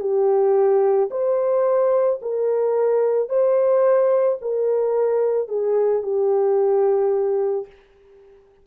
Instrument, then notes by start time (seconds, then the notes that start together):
horn
0.00 G4
1.11 C5
2.22 A#4
3.29 C5
4.41 A#4
5.48 G#4
6.02 G4